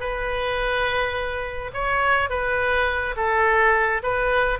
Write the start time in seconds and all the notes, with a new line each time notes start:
0.00 B4
1.74 C#5
2.30 B4
3.17 A4
4.03 B4